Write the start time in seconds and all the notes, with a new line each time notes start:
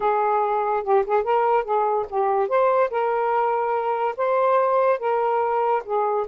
0.00 G#4
0.83 G4
1.05 G#4
1.23 A#4
1.64 G#4
2.09 G4
2.48 C5
2.90 A#4
4.16 C5
4.99 A#4
5.84 G#4